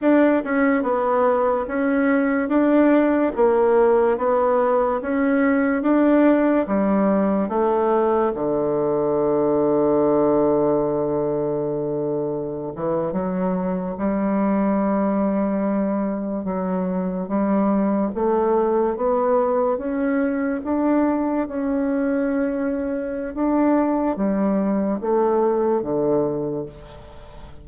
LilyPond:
\new Staff \with { instrumentName = "bassoon" } { \time 4/4 \tempo 4 = 72 d'8 cis'8 b4 cis'4 d'4 | ais4 b4 cis'4 d'4 | g4 a4 d2~ | d2.~ d16 e8 fis16~ |
fis8. g2. fis16~ | fis8. g4 a4 b4 cis'16~ | cis'8. d'4 cis'2~ cis'16 | d'4 g4 a4 d4 | }